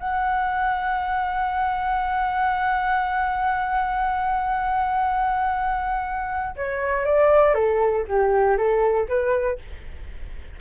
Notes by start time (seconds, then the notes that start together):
0.00 F#5
6.56 C#5
7.05 D5
7.55 A4
8.08 G4
8.58 A4
9.09 B4